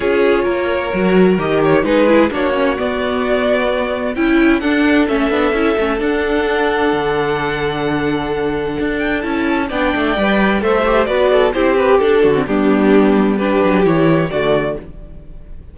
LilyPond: <<
  \new Staff \with { instrumentName = "violin" } { \time 4/4 \tempo 4 = 130 cis''2. dis''8 cis''8 | b'4 cis''4 d''2~ | d''4 g''4 fis''4 e''4~ | e''4 fis''2.~ |
fis''2.~ fis''8 g''8 | a''4 g''2 e''4 | d''4 c''8 b'8 a'4 g'4~ | g'4 b'4 cis''4 d''4 | }
  \new Staff \with { instrumentName = "violin" } { \time 4/4 gis'4 ais'2. | gis'4 fis'2.~ | fis'4 e'4 a'2~ | a'1~ |
a'1~ | a'4 d''2 c''4 | b'8 a'8 g'4. fis'8 d'4~ | d'4 g'2 fis'4 | }
  \new Staff \with { instrumentName = "viola" } { \time 4/4 f'2 fis'4 g'4 | dis'8 e'8 d'8 cis'8 b2~ | b4 e'4 d'4 cis'8 d'8 | e'8 cis'8 d'2.~ |
d'1 | e'4 d'4 b'4 a'8 g'8 | fis'4 e'8 g'8 d'8. c'16 b4~ | b4 d'4 e'4 a4 | }
  \new Staff \with { instrumentName = "cello" } { \time 4/4 cis'4 ais4 fis4 dis4 | gis4 ais4 b2~ | b4 cis'4 d'4 a8 b8 | cis'8 a8 d'2 d4~ |
d2. d'4 | cis'4 b8 a8 g4 a4 | b4 c'4 d'8 d8 g4~ | g4. fis8 e4 d4 | }
>>